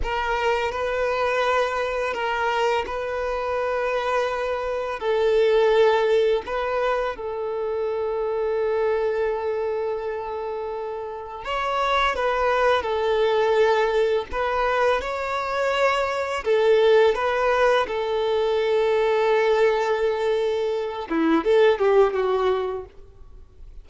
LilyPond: \new Staff \with { instrumentName = "violin" } { \time 4/4 \tempo 4 = 84 ais'4 b'2 ais'4 | b'2. a'4~ | a'4 b'4 a'2~ | a'1 |
cis''4 b'4 a'2 | b'4 cis''2 a'4 | b'4 a'2.~ | a'4. e'8 a'8 g'8 fis'4 | }